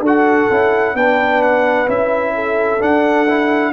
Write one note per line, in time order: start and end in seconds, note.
0.00 0.46 D4
0.00 0.51 F#4
0.00 0.94 A4
0.00 0.96 F#5
0.51 0.94 C#4
0.51 0.96 E4
0.94 1.86 B3
0.94 1.86 D4
0.94 2.34 B4
0.94 1.42 G5
1.42 1.88 F#5
1.86 2.80 C#4
1.86 2.79 E4
1.86 2.82 E5
2.34 3.72 A4
2.81 3.27 D4
2.81 3.72 D4
2.81 3.72 F#5
3.28 3.72 E4